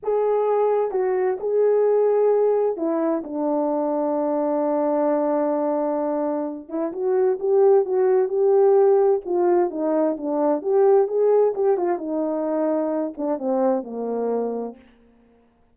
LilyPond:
\new Staff \with { instrumentName = "horn" } { \time 4/4 \tempo 4 = 130 gis'2 fis'4 gis'4~ | gis'2 e'4 d'4~ | d'1~ | d'2~ d'8 e'8 fis'4 |
g'4 fis'4 g'2 | f'4 dis'4 d'4 g'4 | gis'4 g'8 f'8 dis'2~ | dis'8 d'8 c'4 ais2 | }